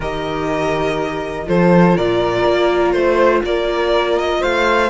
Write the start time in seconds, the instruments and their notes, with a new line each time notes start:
0.00 cello D#3, viola G4, flute A#4, violin D#5
1.45 cello F3, viola F4, flute A4, violin C5
1.96 cello A#2, flute A#4, violin D5
2.46 cello A#3
2.91 cello A3, violin C5, flute C5
3.43 cello A#3, flute A#4, violin D5
4.18 violin D#5
4.40 cello A3, flute C5, violin F5